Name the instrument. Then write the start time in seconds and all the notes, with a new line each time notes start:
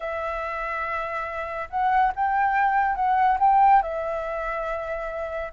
flute
0.00 E5
1.69 F#5
2.15 G5
2.95 F#5
3.39 G5
3.82 E5